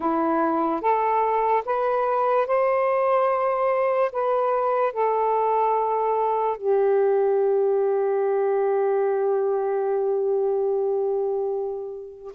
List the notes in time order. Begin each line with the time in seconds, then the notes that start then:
0.00 E4
0.81 A4
1.65 B4
2.47 C5
4.11 B4
4.92 A4
6.57 G4